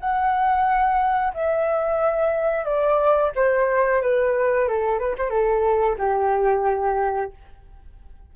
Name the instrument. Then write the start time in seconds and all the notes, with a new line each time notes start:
flute
0.00 F#5
1.34 E5
2.65 D5
3.36 C5
4.02 B4
4.68 A4
4.99 B4
5.18 C5
5.30 A4
5.98 G4